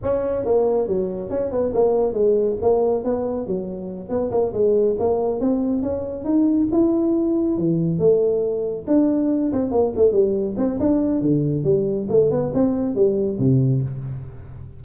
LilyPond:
\new Staff \with { instrumentName = "tuba" } { \time 4/4 \tempo 4 = 139 cis'4 ais4 fis4 cis'8 b8 | ais4 gis4 ais4 b4 | fis4. b8 ais8 gis4 ais8~ | ais8 c'4 cis'4 dis'4 e'8~ |
e'4. e4 a4.~ | a8 d'4. c'8 ais8 a8 g8~ | g8 c'8 d'4 d4 g4 | a8 b8 c'4 g4 c4 | }